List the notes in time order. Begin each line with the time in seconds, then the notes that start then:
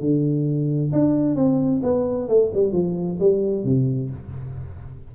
0.00 D3
0.92 D4
1.35 C4
1.82 B3
2.28 A3
2.54 G3
2.72 F3
3.19 G3
3.64 C3